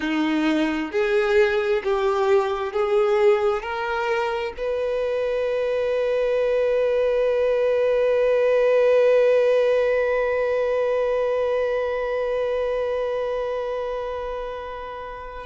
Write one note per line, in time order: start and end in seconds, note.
0.00 0.91 D#4
0.91 1.82 G#4
1.83 2.72 G4
2.72 3.62 G#4
3.62 4.53 A#4
4.57 15.46 B4